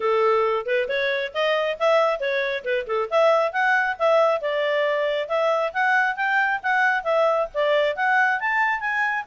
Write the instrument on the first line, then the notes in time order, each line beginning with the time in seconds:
clarinet
0.00 A4
0.66 B4
0.88 C#5
1.34 D#5
1.79 E5
2.20 C#5
2.64 B4
2.87 A4
3.10 E5
3.52 F#5
3.98 E5
4.41 D5
5.28 E5
5.73 F#5
6.16 G5
6.62 F#5
7.03 E5
7.54 D5
7.96 F#5
8.39 A5
8.80 G#5